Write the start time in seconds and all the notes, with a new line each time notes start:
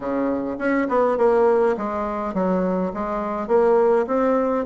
0.00 C#3
0.58 C#4
0.88 B3
1.17 A#3
1.77 G#3
2.34 F#3
2.93 G#3
3.47 A#3
4.06 C4